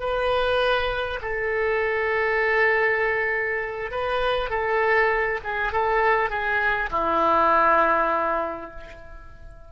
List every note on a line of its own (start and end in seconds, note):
0.00 1.20 B4
1.22 3.91 A4
3.91 4.50 B4
4.50 5.40 A4
5.44 5.73 G#4
5.73 6.30 A4
6.30 6.90 G#4
6.91 8.71 E4